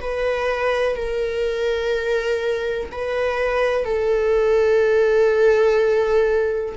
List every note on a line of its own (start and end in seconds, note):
0.00 0.96 B4
0.96 2.89 A#4
2.91 3.84 B4
3.84 6.75 A4